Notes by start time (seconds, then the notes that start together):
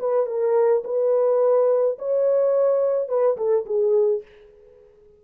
0.00 B4
0.27 A#4
0.85 B4
1.99 C#5
3.09 B4
3.38 A4
3.66 G#4